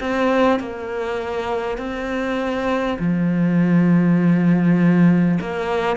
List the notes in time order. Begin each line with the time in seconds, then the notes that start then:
0.00 C4
0.59 A#3
1.78 C4
2.98 F3
5.41 A#3